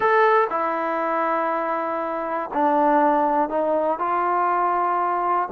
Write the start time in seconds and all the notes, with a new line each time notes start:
0.00 A4
0.50 E4
2.53 D4
3.49 D#4
3.98 F4